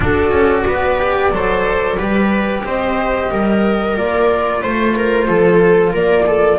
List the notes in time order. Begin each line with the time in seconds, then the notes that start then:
0.00 D4 F#4 A4 D5
0.31 C#4
0.66 B3 B4
0.98 G4
1.31 F#3 A4 C5
1.97 G3 G4 B4
2.64 C4 C5 D#5
3.31 G3 A#4
3.96 A#3 F4 D5
4.62 A3 C5
4.96 A#4
5.27 F3 A4
5.92 A#3 A#4 D5
6.26 A4